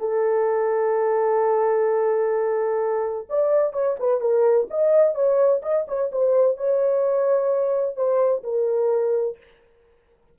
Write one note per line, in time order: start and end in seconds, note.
0.00 3.28 A4
3.30 3.74 D5
3.74 3.97 C#5
4.00 4.21 B4
4.21 4.68 A#4
4.70 5.15 D#5
5.15 5.62 C#5
5.62 5.86 D#5
5.88 6.12 C#5
6.12 6.57 C5
6.57 7.96 C#5
7.96 8.43 C5
8.44 9.37 A#4